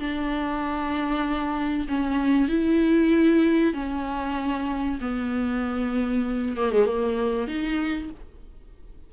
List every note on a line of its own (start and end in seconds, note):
0.00 1.88 D4
1.88 2.49 C#4
2.49 3.74 E4
3.74 4.99 C#4
5.01 6.57 B3
6.57 6.72 A#3
6.72 6.86 G#3
6.86 7.48 A#3
7.48 8.11 D#4